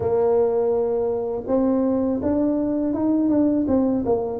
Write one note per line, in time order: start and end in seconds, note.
0.00 1.43 A#3
1.47 2.20 C4
2.22 2.93 D4
2.93 3.29 D#4
3.29 3.66 D4
3.68 4.04 C4
4.05 4.39 A#3